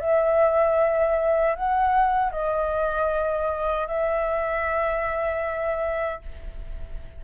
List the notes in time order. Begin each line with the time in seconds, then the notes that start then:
0.00 E5
1.56 F#5
2.32 D#5
3.88 E5